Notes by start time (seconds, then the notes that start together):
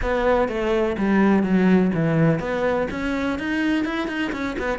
0.01 B3
0.48 A3
0.97 G3
1.43 F#3
1.94 E3
2.39 B3
2.90 C#4
3.38 D#4
3.84 E4
4.07 D#4
4.32 C#4
4.58 B3